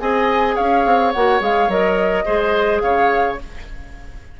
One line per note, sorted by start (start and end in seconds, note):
0.00 0.57 C4
0.00 1.14 G#4
0.00 0.55 D#5
0.00 0.56 G#5
0.55 0.85 C#4
0.55 2.25 C#5
0.55 1.12 F5
0.85 1.14 C4
1.12 1.40 A#3
1.12 1.40 F#4
1.12 1.41 F#5
1.40 1.68 G#3
1.40 1.69 G#4
1.40 1.71 F5
1.68 2.25 F#3
1.68 2.25 A#4
1.68 2.80 D#5
2.25 2.82 G#3
2.25 3.38 G#4
2.25 2.82 C5
2.80 3.39 C#3
2.80 3.40 C#5
2.80 3.37 F5